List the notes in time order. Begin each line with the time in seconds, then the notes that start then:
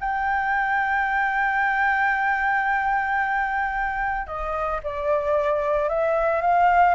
0.00 G5
4.27 D#5
4.83 D5
5.89 E5
6.41 F5